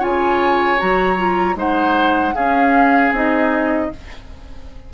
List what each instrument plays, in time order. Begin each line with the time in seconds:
0.00 bassoon C#3, clarinet F4, oboe C#5, flute G#5
0.78 bassoon F#3, clarinet F#4, flute A#5
1.18 clarinet F4
1.55 bassoon G#3, clarinet D#4, oboe C5, flute F#5
2.35 clarinet C#4, bassoon C#4, oboe G#4, flute F5
3.12 bassoon C4, clarinet D#4, flute D#5